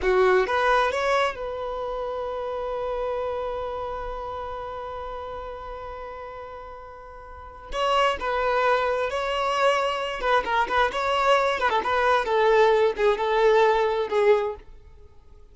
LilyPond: \new Staff \with { instrumentName = "violin" } { \time 4/4 \tempo 4 = 132 fis'4 b'4 cis''4 b'4~ | b'1~ | b'1~ | b'1~ |
b'4 cis''4 b'2 | cis''2~ cis''8 b'8 ais'8 b'8 | cis''4. b'16 a'16 b'4 a'4~ | a'8 gis'8 a'2 gis'4 | }